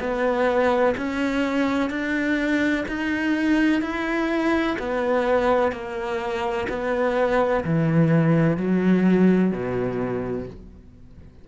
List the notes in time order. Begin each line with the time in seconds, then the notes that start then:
0.00 B3
0.97 C#4
1.90 D4
2.89 D#4
3.82 E4
4.80 B3
5.72 A#3
6.69 B3
7.65 E3
8.58 F#3
9.52 B2